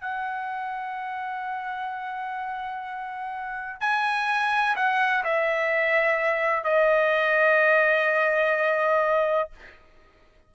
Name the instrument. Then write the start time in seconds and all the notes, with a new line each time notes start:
trumpet
0.00 F#5
3.81 G#5
4.76 F#5
5.24 E5
6.64 D#5